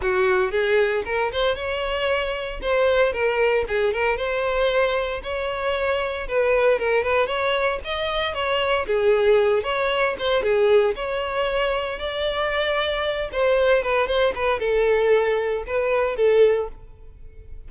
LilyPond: \new Staff \with { instrumentName = "violin" } { \time 4/4 \tempo 4 = 115 fis'4 gis'4 ais'8 c''8 cis''4~ | cis''4 c''4 ais'4 gis'8 ais'8 | c''2 cis''2 | b'4 ais'8 b'8 cis''4 dis''4 |
cis''4 gis'4. cis''4 c''8 | gis'4 cis''2 d''4~ | d''4. c''4 b'8 c''8 b'8 | a'2 b'4 a'4 | }